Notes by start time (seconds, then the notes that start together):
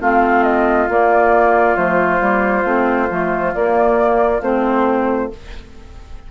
0.00 A3 C4 F4 F5
0.43 D#5
0.89 A#3 D5
1.75 F3 A3 C5
2.19 G3 A#3
2.64 A3 C4
3.10 F3 A3
3.53 A#3 D5
4.41 A3 C4 C5